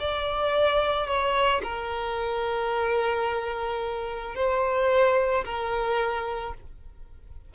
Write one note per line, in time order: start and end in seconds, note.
0.00 1.08 D5
1.08 1.62 C#5
1.64 4.36 A#4
4.36 5.45 C5
5.45 6.54 A#4